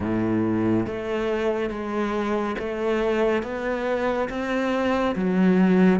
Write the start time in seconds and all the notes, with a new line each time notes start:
0.00 A2
0.86 A3
1.69 G#3
2.59 A3
3.42 B3
4.29 C4
5.15 F#3